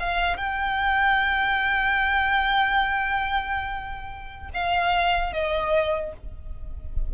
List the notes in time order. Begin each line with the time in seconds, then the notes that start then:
0.00 F5
0.37 G5
4.54 F5
5.33 D#5